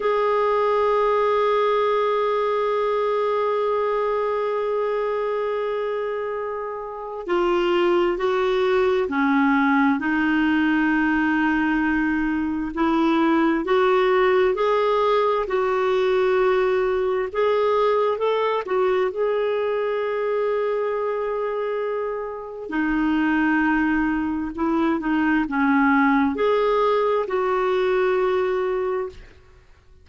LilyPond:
\new Staff \with { instrumentName = "clarinet" } { \time 4/4 \tempo 4 = 66 gis'1~ | gis'1 | f'4 fis'4 cis'4 dis'4~ | dis'2 e'4 fis'4 |
gis'4 fis'2 gis'4 | a'8 fis'8 gis'2.~ | gis'4 dis'2 e'8 dis'8 | cis'4 gis'4 fis'2 | }